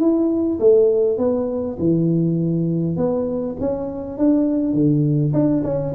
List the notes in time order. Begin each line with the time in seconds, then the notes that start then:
0.00 E4
0.60 A3
1.18 B3
1.79 E3
2.97 B3
3.60 C#4
4.18 D4
4.74 D3
5.34 D4
5.64 C#4